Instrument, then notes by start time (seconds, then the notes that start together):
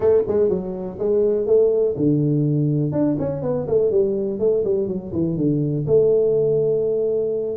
tuba
0.00 A3
0.27 G#3
0.49 F#3
0.98 G#3
1.46 A3
1.96 D3
2.92 D4
3.19 C#4
3.41 B3
3.67 A3
3.90 G3
4.39 A3
4.64 G3
4.87 F#3
5.12 E3
5.36 D3
5.86 A3